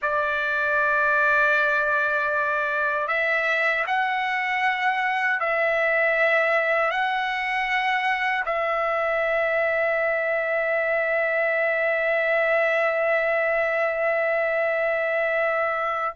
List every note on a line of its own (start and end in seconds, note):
0.01 3.07 D5
3.07 3.84 E5
3.87 5.40 F#5
5.40 6.90 E5
6.90 8.44 F#5
8.45 16.14 E5